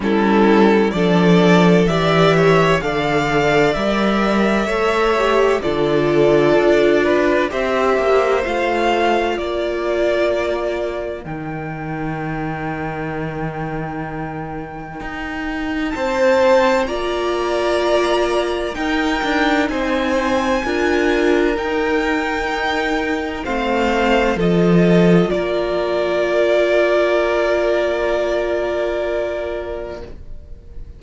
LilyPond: <<
  \new Staff \with { instrumentName = "violin" } { \time 4/4 \tempo 4 = 64 a'4 d''4 e''4 f''4 | e''2 d''2 | e''4 f''4 d''2 | g''1~ |
g''4 a''4 ais''2 | g''4 gis''2 g''4~ | g''4 f''4 dis''4 d''4~ | d''1 | }
  \new Staff \with { instrumentName = "violin" } { \time 4/4 e'4 a'4 d''8 cis''8 d''4~ | d''4 cis''4 a'4. b'8 | c''2 ais'2~ | ais'1~ |
ais'4 c''4 d''2 | ais'4 c''4 ais'2~ | ais'4 c''4 a'4 ais'4~ | ais'1 | }
  \new Staff \with { instrumentName = "viola" } { \time 4/4 cis'4 d'4 g'4 a'4 | ais'4 a'8 g'8 f'2 | g'4 f'2. | dis'1~ |
dis'2 f'2 | dis'2 f'4 dis'4~ | dis'4 c'4 f'2~ | f'1 | }
  \new Staff \with { instrumentName = "cello" } { \time 4/4 g4 f4 e4 d4 | g4 a4 d4 d'4 | c'8 ais8 a4 ais2 | dis1 |
dis'4 c'4 ais2 | dis'8 d'8 c'4 d'4 dis'4~ | dis'4 a4 f4 ais4~ | ais1 | }
>>